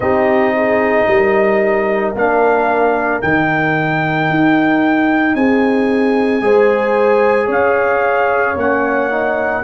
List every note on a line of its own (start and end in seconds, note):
0.00 1.06 C4
0.00 2.15 D#4
0.00 0.54 G4
0.00 2.14 D#5
0.55 1.08 G#4
1.07 2.14 G3
1.07 5.36 A#4
2.15 3.22 A#3
2.15 3.22 D4
2.15 3.21 F5
3.21 4.29 D#3
3.21 6.41 D#4
3.21 5.35 G5
4.29 5.35 D#4
5.35 6.41 C4
5.35 6.43 G#4
5.35 7.49 G#5
6.41 7.48 G#3
6.41 8.56 G#4
6.41 7.46 C5
7.46 8.55 C#4
7.46 9.60 C#5
7.46 8.58 F5
8.55 9.62 A#3
8.55 9.10 C#4
8.55 9.64 F#5
9.10 9.63 D#4